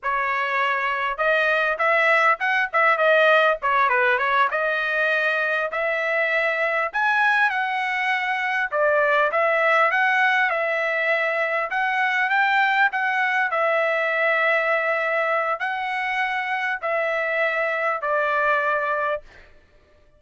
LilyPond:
\new Staff \with { instrumentName = "trumpet" } { \time 4/4 \tempo 4 = 100 cis''2 dis''4 e''4 | fis''8 e''8 dis''4 cis''8 b'8 cis''8 dis''8~ | dis''4. e''2 gis''8~ | gis''8 fis''2 d''4 e''8~ |
e''8 fis''4 e''2 fis''8~ | fis''8 g''4 fis''4 e''4.~ | e''2 fis''2 | e''2 d''2 | }